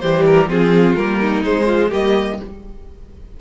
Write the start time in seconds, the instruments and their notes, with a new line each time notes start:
0.00 cello E3, viola G3, violin G4 C5
0.26 violin A#4
0.47 cello F3, viola C4, violin F4 G#4
0.96 cello G3, viola A#3, violin A#4
1.20 violin D#4
1.44 cello G#3, viola G#3, violin C5
1.67 violin F4
1.90 cello G3, viola A#3, violin G4 D#5